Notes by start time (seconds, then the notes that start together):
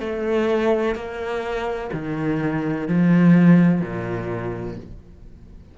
0.00 A3
0.95 A#3
1.93 D#3
2.88 F3
3.82 A#2